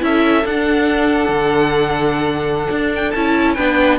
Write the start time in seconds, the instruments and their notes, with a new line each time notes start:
0.00 cello C#4, viola E4, violin A4 E5
0.46 cello D4, viola D4, violin F#5
1.29 cello D3
2.71 cello D4
2.96 violin G5
3.11 cello C#4, viola E4, violin A5
3.54 cello B3, viola D4, violin B4 G5